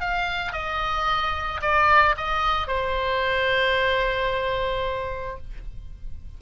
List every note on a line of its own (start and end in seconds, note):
0.00 0.53 F5
0.53 1.61 D#5
1.61 2.15 D5
2.17 2.67 D#5
2.67 5.38 C5